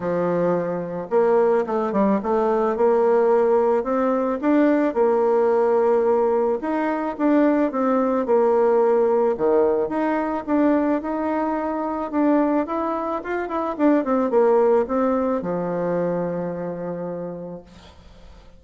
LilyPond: \new Staff \with { instrumentName = "bassoon" } { \time 4/4 \tempo 4 = 109 f2 ais4 a8 g8 | a4 ais2 c'4 | d'4 ais2. | dis'4 d'4 c'4 ais4~ |
ais4 dis4 dis'4 d'4 | dis'2 d'4 e'4 | f'8 e'8 d'8 c'8 ais4 c'4 | f1 | }